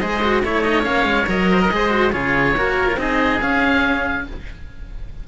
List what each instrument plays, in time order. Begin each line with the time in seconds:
0.00 cello G#3 G#4, oboe C5 D#5
0.22 cello F#4
0.44 cello A3 E4, oboe C#5
0.62 cello D#4, oboe D#5
0.83 cello A#3 C#4, oboe F5
1.05 cello G#3
1.27 cello F#3 A#4, oboe D#5
1.52 oboe C5
1.62 oboe A#4
1.71 cello G#3 G#4, oboe C5
1.90 cello F#4
2.12 cello C#3 F4, oboe G#4 C#5
2.57 cello A#3 F#4, oboe A#4
2.88 cello F4
2.97 cello C4 D#4, oboe G#4 D#5
3.41 cello C#4, oboe F5